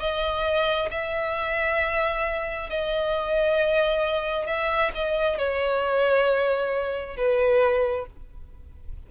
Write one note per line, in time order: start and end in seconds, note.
0.00 0.90 D#5
0.91 2.70 E5
2.70 4.47 D#5
4.47 4.91 E5
4.95 5.38 D#5
5.38 7.17 C#5
7.17 8.06 B4